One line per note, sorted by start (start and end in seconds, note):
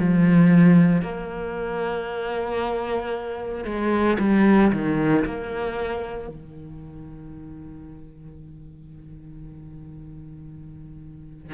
0.00 1.02 F3
1.02 3.65 A#3
3.65 4.18 G#3
4.19 4.72 G3
4.72 5.25 D#3
5.25 6.28 A#3
6.28 11.55 D#3